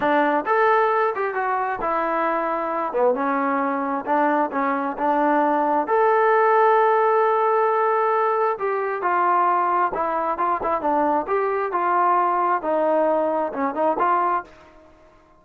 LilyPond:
\new Staff \with { instrumentName = "trombone" } { \time 4/4 \tempo 4 = 133 d'4 a'4. g'8 fis'4 | e'2~ e'8 b8 cis'4~ | cis'4 d'4 cis'4 d'4~ | d'4 a'2.~ |
a'2. g'4 | f'2 e'4 f'8 e'8 | d'4 g'4 f'2 | dis'2 cis'8 dis'8 f'4 | }